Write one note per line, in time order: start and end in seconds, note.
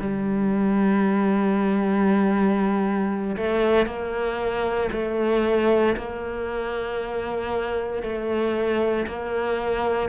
0.00 3.36 G3
3.37 3.86 A3
3.86 4.89 A#3
4.92 5.96 A3
5.97 8.03 A#3
8.03 9.06 A3
9.07 10.09 A#3